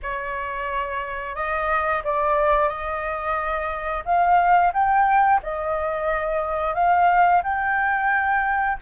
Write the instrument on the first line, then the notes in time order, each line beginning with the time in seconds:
flute
0.02 C#5
1.35 D#5
2.04 D5
2.68 D#5
4.04 F5
4.73 G5
5.43 D#5
6.74 F5
7.43 G5